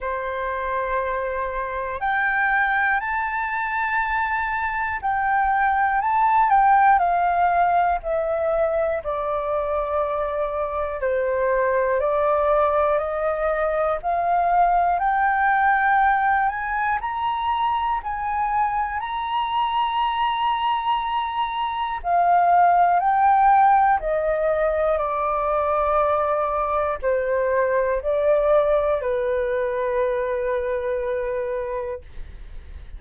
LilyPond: \new Staff \with { instrumentName = "flute" } { \time 4/4 \tempo 4 = 60 c''2 g''4 a''4~ | a''4 g''4 a''8 g''8 f''4 | e''4 d''2 c''4 | d''4 dis''4 f''4 g''4~ |
g''8 gis''8 ais''4 gis''4 ais''4~ | ais''2 f''4 g''4 | dis''4 d''2 c''4 | d''4 b'2. | }